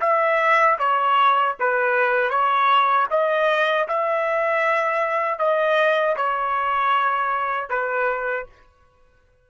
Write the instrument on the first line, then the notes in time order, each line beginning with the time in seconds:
trumpet
0.00 E5
0.78 C#5
1.59 B4
2.30 C#5
3.10 D#5
3.87 E5
5.38 D#5
6.16 C#5
7.69 B4